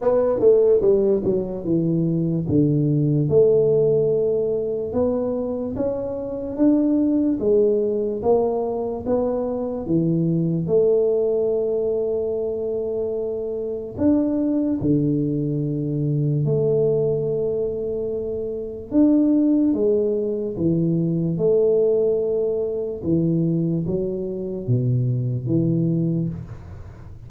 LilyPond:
\new Staff \with { instrumentName = "tuba" } { \time 4/4 \tempo 4 = 73 b8 a8 g8 fis8 e4 d4 | a2 b4 cis'4 | d'4 gis4 ais4 b4 | e4 a2.~ |
a4 d'4 d2 | a2. d'4 | gis4 e4 a2 | e4 fis4 b,4 e4 | }